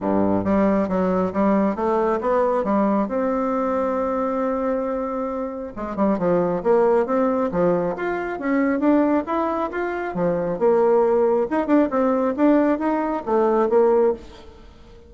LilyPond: \new Staff \with { instrumentName = "bassoon" } { \time 4/4 \tempo 4 = 136 g,4 g4 fis4 g4 | a4 b4 g4 c'4~ | c'1~ | c'4 gis8 g8 f4 ais4 |
c'4 f4 f'4 cis'4 | d'4 e'4 f'4 f4 | ais2 dis'8 d'8 c'4 | d'4 dis'4 a4 ais4 | }